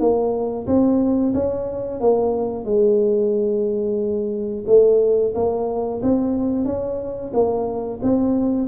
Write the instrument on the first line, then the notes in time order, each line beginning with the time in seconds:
tuba
0.00 A#3
0.67 C4
1.34 C#4
2.01 A#3
2.65 G#3
4.67 A3
5.35 A#3
6.03 C4
6.65 C#4
7.34 A#3
8.03 C4